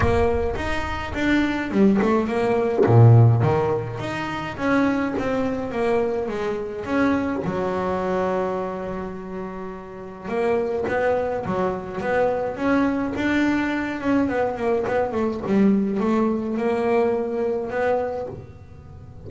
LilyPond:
\new Staff \with { instrumentName = "double bass" } { \time 4/4 \tempo 4 = 105 ais4 dis'4 d'4 g8 a8 | ais4 ais,4 dis4 dis'4 | cis'4 c'4 ais4 gis4 | cis'4 fis2.~ |
fis2 ais4 b4 | fis4 b4 cis'4 d'4~ | d'8 cis'8 b8 ais8 b8 a8 g4 | a4 ais2 b4 | }